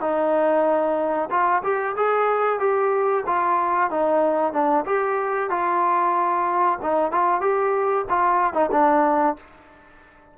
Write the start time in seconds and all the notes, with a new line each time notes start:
0.00 D#4
1.30 F4
1.63 G4
1.96 G#4
2.59 G4
3.26 F4
3.90 D#4
4.52 D4
4.85 G4
5.50 F4
6.82 D#4
7.11 F4
7.40 G4
8.09 F4
8.53 D#4
8.72 D4